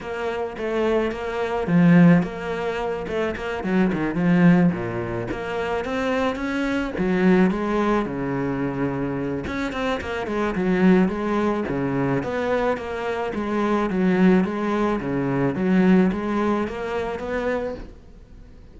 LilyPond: \new Staff \with { instrumentName = "cello" } { \time 4/4 \tempo 4 = 108 ais4 a4 ais4 f4 | ais4. a8 ais8 fis8 dis8 f8~ | f8 ais,4 ais4 c'4 cis'8~ | cis'8 fis4 gis4 cis4.~ |
cis4 cis'8 c'8 ais8 gis8 fis4 | gis4 cis4 b4 ais4 | gis4 fis4 gis4 cis4 | fis4 gis4 ais4 b4 | }